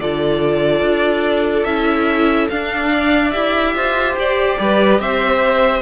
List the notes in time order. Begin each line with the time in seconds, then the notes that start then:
0.00 D3 F4 A4 D5
0.82 D4
1.65 C#4 E4 E5
2.50 D4 F5
2.92 D5
3.31 E4 G4 E5
3.75 F4 C5
4.17 G4 D5
4.60 G3 B4
5.00 C4 C5 E5